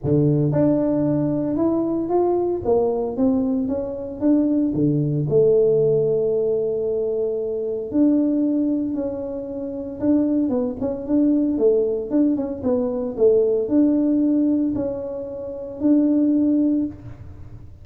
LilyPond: \new Staff \with { instrumentName = "tuba" } { \time 4/4 \tempo 4 = 114 d4 d'2 e'4 | f'4 ais4 c'4 cis'4 | d'4 d4 a2~ | a2. d'4~ |
d'4 cis'2 d'4 | b8 cis'8 d'4 a4 d'8 cis'8 | b4 a4 d'2 | cis'2 d'2 | }